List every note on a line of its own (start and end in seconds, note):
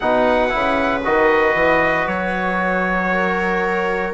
0.00 0.52 B2
0.00 0.49 D#4
0.00 3.12 B4
0.00 1.00 F#5
0.49 1.05 C#3
0.49 1.01 E4
1.03 1.54 D#3
1.03 4.13 F#4
1.03 2.07 D#5
1.54 2.06 E3
2.06 4.13 F#3
2.06 4.13 C#5
3.12 4.13 A#4